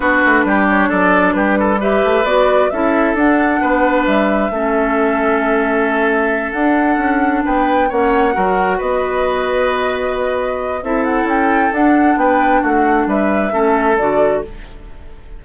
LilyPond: <<
  \new Staff \with { instrumentName = "flute" } { \time 4/4 \tempo 4 = 133 b'4. cis''8 d''4 b'4 | e''4 d''4 e''4 fis''4~ | fis''4 e''2.~ | e''2~ e''8 fis''4.~ |
fis''8 g''4 fis''2 dis''8~ | dis''1 | e''8 fis''8 g''4 fis''4 g''4 | fis''4 e''2 d''4 | }
  \new Staff \with { instrumentName = "oboe" } { \time 4/4 fis'4 g'4 a'4 g'8 a'8 | b'2 a'2 | b'2 a'2~ | a'1~ |
a'8 b'4 cis''4 ais'4 b'8~ | b'1 | a'2. b'4 | fis'4 b'4 a'2 | }
  \new Staff \with { instrumentName = "clarinet" } { \time 4/4 d'1 | g'4 fis'4 e'4 d'4~ | d'2 cis'2~ | cis'2~ cis'8 d'4.~ |
d'4. cis'4 fis'4.~ | fis'1 | e'2 d'2~ | d'2 cis'4 fis'4 | }
  \new Staff \with { instrumentName = "bassoon" } { \time 4/4 b8 a8 g4 fis4 g4~ | g8 a8 b4 cis'4 d'4 | b4 g4 a2~ | a2~ a8 d'4 cis'8~ |
cis'8 b4 ais4 fis4 b8~ | b1 | c'4 cis'4 d'4 b4 | a4 g4 a4 d4 | }
>>